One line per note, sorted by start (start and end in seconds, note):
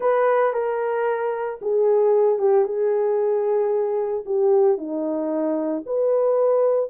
0.00 0.53 B4
0.53 1.59 A#4
1.61 2.38 G#4
2.38 2.65 G4
2.65 4.24 G#4
4.25 4.77 G4
4.77 5.83 D#4
5.86 6.90 B4